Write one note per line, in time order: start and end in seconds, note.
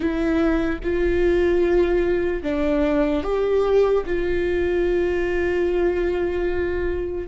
0.00 0.79 E4
0.83 2.42 F4
2.42 3.23 D4
3.23 4.04 G4
4.05 7.27 F4